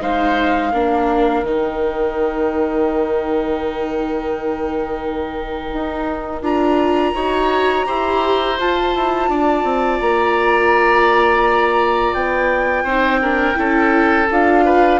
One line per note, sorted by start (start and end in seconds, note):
0.00 0.72 G#3
0.00 0.71 D#4
0.00 0.72 C5
0.00 1.45 F5
0.72 1.43 A#3
0.72 1.45 D4
0.72 7.14 A#4
1.43 5.71 D#3
1.43 6.43 D#4
1.43 6.44 G5
5.73 6.42 D#4
6.42 7.13 D4
6.42 7.14 F4
6.42 8.58 A#5
7.14 7.86 D#4
7.14 7.86 F#4
7.14 7.86 C#5
7.86 8.60 E4
7.86 8.57 G4
7.86 9.29 C5
8.59 12.87 F4
8.59 8.94 F4
8.59 10.00 A5
8.94 9.29 E4
9.29 9.63 D4
9.29 12.84 D5
9.63 9.99 C4
10.00 12.14 A#3
10.00 12.14 A#5
12.14 12.83 B3
12.14 14.28 G5
12.83 13.55 C4
12.83 13.23 D#4
12.83 13.20 C5
13.22 13.54 D4
13.22 13.58 A#4
13.54 14.29 C#4
13.54 14.25 E4
13.54 14.65 A4
14.31 15.00 D4
14.31 15.00 F4
14.31 15.00 F5
14.65 15.00 B4